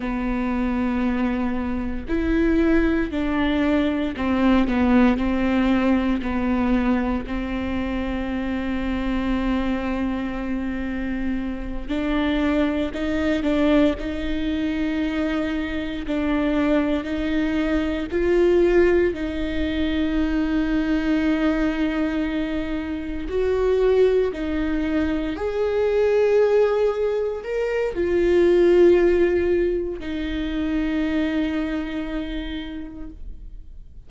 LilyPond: \new Staff \with { instrumentName = "viola" } { \time 4/4 \tempo 4 = 58 b2 e'4 d'4 | c'8 b8 c'4 b4 c'4~ | c'2.~ c'8 d'8~ | d'8 dis'8 d'8 dis'2 d'8~ |
d'8 dis'4 f'4 dis'4.~ | dis'2~ dis'8 fis'4 dis'8~ | dis'8 gis'2 ais'8 f'4~ | f'4 dis'2. | }